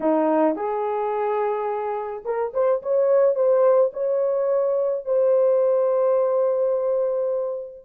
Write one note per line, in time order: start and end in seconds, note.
0.00 0.55 D#4
0.55 2.24 G#4
2.25 2.53 A#4
2.53 2.81 C5
2.82 3.35 C#5
3.35 3.91 C5
3.93 5.05 C#5
5.05 7.85 C5